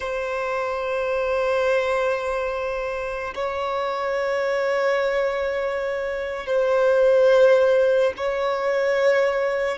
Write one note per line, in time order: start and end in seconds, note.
0.00 3.33 C5
3.34 6.46 C#5
6.46 8.13 C5
8.17 9.78 C#5